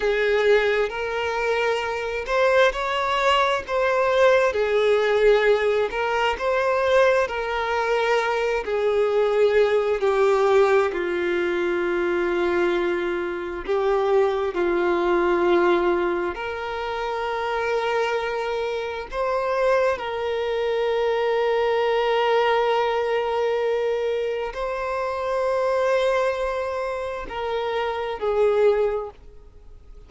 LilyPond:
\new Staff \with { instrumentName = "violin" } { \time 4/4 \tempo 4 = 66 gis'4 ais'4. c''8 cis''4 | c''4 gis'4. ais'8 c''4 | ais'4. gis'4. g'4 | f'2. g'4 |
f'2 ais'2~ | ais'4 c''4 ais'2~ | ais'2. c''4~ | c''2 ais'4 gis'4 | }